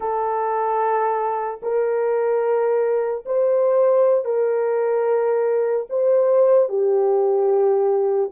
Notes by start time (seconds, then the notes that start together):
0.00 A4
1.62 A#4
3.25 C5
4.24 A#4
5.89 C5
6.68 G4